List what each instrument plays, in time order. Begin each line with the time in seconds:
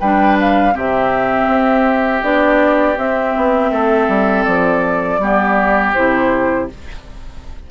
0.00 bassoon G3, clarinet D4, oboe B4, flute G5
0.40 flute F5
0.73 bassoon C3, clarinet C4, oboe G4, flute E5
1.48 bassoon C4
2.23 bassoon B3, clarinet D4, flute D5
2.97 clarinet C4, bassoon C4, flute E5
3.37 bassoon B3
3.71 bassoon A3, oboe A4
4.09 bassoon G3
4.44 bassoon F3, flute D5
5.19 bassoon G3, clarinet B3, oboe G4
5.94 bassoon C3, clarinet E4, flute C5